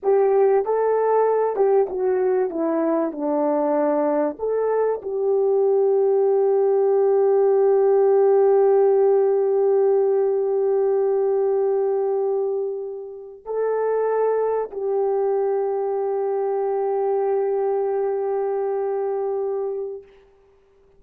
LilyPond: \new Staff \with { instrumentName = "horn" } { \time 4/4 \tempo 4 = 96 g'4 a'4. g'8 fis'4 | e'4 d'2 a'4 | g'1~ | g'1~ |
g'1~ | g'4. a'2 g'8~ | g'1~ | g'1 | }